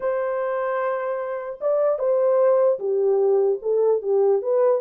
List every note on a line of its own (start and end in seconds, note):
0.00 1.59 C5
1.60 1.99 D5
1.99 2.79 C5
2.79 3.59 G4
3.62 4.02 A4
4.02 4.42 G4
4.42 4.81 B4